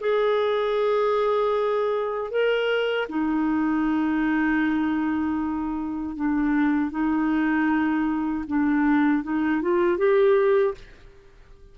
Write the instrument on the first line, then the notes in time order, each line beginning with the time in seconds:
clarinet
0.00 G#4
2.31 A#4
3.09 D#4
6.16 D4
6.91 D#4
8.47 D4
9.23 D#4
9.62 F4
9.98 G4